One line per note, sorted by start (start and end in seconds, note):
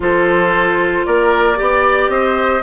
0.00 1.04 F3
0.00 1.56 F4
0.00 1.06 A4
0.00 1.05 C5
1.05 1.59 A#3
1.05 1.57 A#4
1.05 2.10 D5
1.56 2.08 B3
1.56 2.61 G4
1.56 2.10 D5
2.08 2.61 C4
2.08 2.62 C5
2.08 2.62 D#5